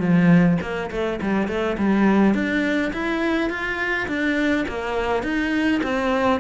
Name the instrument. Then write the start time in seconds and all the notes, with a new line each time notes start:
cello
0.00 F3
0.61 A#3
0.91 A3
1.21 G3
1.48 A3
1.78 G3
2.34 D4
2.93 E4
3.50 F4
4.08 D4
4.68 A#3
5.23 D#4
5.83 C4